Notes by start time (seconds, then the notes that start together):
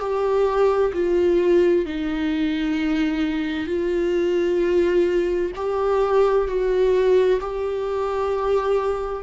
0.00 G4
0.93 F4
1.85 D#4
3.67 F4
5.56 G4
6.48 F#4
7.41 G4